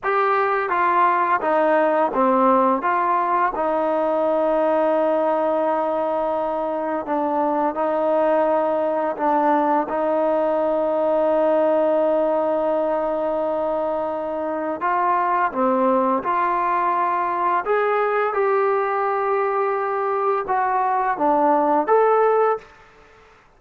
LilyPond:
\new Staff \with { instrumentName = "trombone" } { \time 4/4 \tempo 4 = 85 g'4 f'4 dis'4 c'4 | f'4 dis'2.~ | dis'2 d'4 dis'4~ | dis'4 d'4 dis'2~ |
dis'1~ | dis'4 f'4 c'4 f'4~ | f'4 gis'4 g'2~ | g'4 fis'4 d'4 a'4 | }